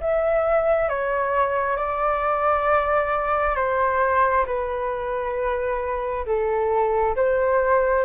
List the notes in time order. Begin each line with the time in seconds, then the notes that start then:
0.00 E5
0.89 C#5
1.76 D5
3.55 C5
4.46 B4
6.25 A4
7.16 C5